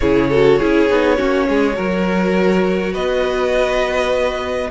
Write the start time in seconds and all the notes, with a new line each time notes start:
0.00 C#3 E4 G#4 C#5
0.29 F#4 A4
0.59 C#4 E4 G#4
0.89 B3 D#4
1.17 A#3 C#4 F#4
1.48 G#3 G#4
1.73 F#3 F#4 A#4
2.92 B3 B4 D#5